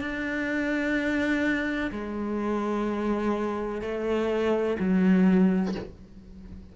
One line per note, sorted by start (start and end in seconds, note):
0.00 1.90 D4
1.91 3.81 G#3
3.81 4.77 A3
4.79 5.74 F#3